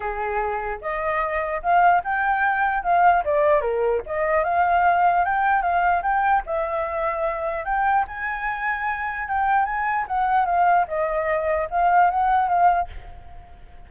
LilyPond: \new Staff \with { instrumentName = "flute" } { \time 4/4 \tempo 4 = 149 gis'2 dis''2 | f''4 g''2 f''4 | d''4 ais'4 dis''4 f''4~ | f''4 g''4 f''4 g''4 |
e''2. g''4 | gis''2. g''4 | gis''4 fis''4 f''4 dis''4~ | dis''4 f''4 fis''4 f''4 | }